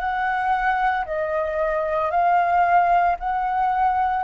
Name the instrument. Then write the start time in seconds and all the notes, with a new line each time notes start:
flute
0.00 F#5
1.06 D#5
2.11 F5
3.20 F#5